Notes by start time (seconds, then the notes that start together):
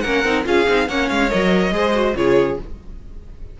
0.00 A#3 C#4 A#4 F#5
0.24 C4 D#4
0.44 C#4 F4 G#4 F5
0.67 C4 D#4
0.88 A#3 C#4 C#5 F#5
1.09 G#3 F5
1.30 F#3 A#4 D#5
1.71 G#3 G#4 C5
1.94 F#4
2.15 C#3 F4 G#4 C#5